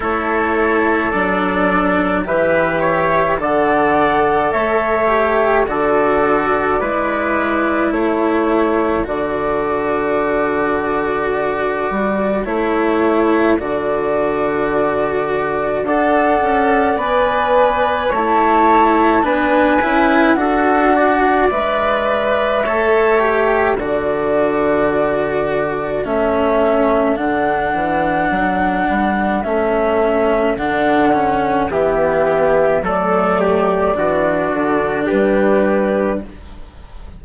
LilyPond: <<
  \new Staff \with { instrumentName = "flute" } { \time 4/4 \tempo 4 = 53 cis''4 d''4 e''4 fis''4 | e''4 d''2 cis''4 | d''2. cis''4 | d''2 fis''4 gis''4 |
a''4 gis''4 fis''4 e''4~ | e''4 d''2 e''4 | fis''2 e''4 fis''4 | e''4 d''2 b'4 | }
  \new Staff \with { instrumentName = "trumpet" } { \time 4/4 a'2 b'8 cis''8 d''4 | cis''4 a'4 b'4 a'4~ | a'1~ | a'2 d''2 |
cis''4 b'4 a'8 d''4. | cis''4 a'2.~ | a'1 | g'4 a'8 g'8 fis'4 g'4 | }
  \new Staff \with { instrumentName = "cello" } { \time 4/4 e'4 d'4 g'4 a'4~ | a'8 g'8 fis'4 e'2 | fis'2. e'4 | fis'2 a'4 b'4 |
e'4 d'8 e'8 fis'4 b'4 | a'8 g'8 fis'2 cis'4 | d'2 cis'4 d'8 cis'8 | b4 a4 d'2 | }
  \new Staff \with { instrumentName = "bassoon" } { \time 4/4 a4 fis4 e4 d4 | a4 d4 gis4 a4 | d2~ d8 g8 a4 | d2 d'8 cis'8 b4 |
a4 b8 cis'8 d'4 gis4 | a4 d2 a4 | d8 e8 fis8 g8 a4 d4 | e4 fis4 e8 d8 g4 | }
>>